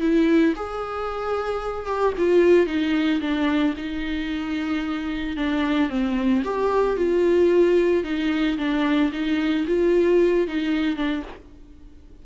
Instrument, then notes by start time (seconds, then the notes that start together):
viola
0.00 E4
0.56 G#4
1.86 G4
2.17 F4
2.66 D#4
3.21 D4
3.77 D#4
5.36 D4
5.89 C4
6.44 G4
6.97 F4
8.04 D#4
8.58 D4
9.12 D#4
9.67 F4
10.47 D#4
10.96 D4